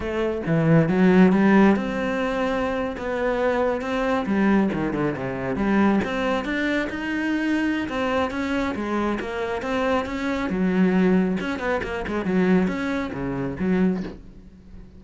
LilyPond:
\new Staff \with { instrumentName = "cello" } { \time 4/4 \tempo 4 = 137 a4 e4 fis4 g4 | c'2~ c'8. b4~ b16~ | b8. c'4 g4 dis8 d8 c16~ | c8. g4 c'4 d'4 dis'16~ |
dis'2 c'4 cis'4 | gis4 ais4 c'4 cis'4 | fis2 cis'8 b8 ais8 gis8 | fis4 cis'4 cis4 fis4 | }